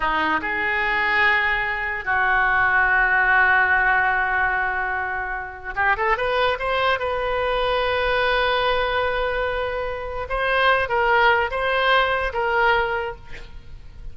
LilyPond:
\new Staff \with { instrumentName = "oboe" } { \time 4/4 \tempo 4 = 146 dis'4 gis'2.~ | gis'4 fis'2.~ | fis'1~ | fis'2 g'8 a'8 b'4 |
c''4 b'2.~ | b'1~ | b'4 c''4. ais'4. | c''2 ais'2 | }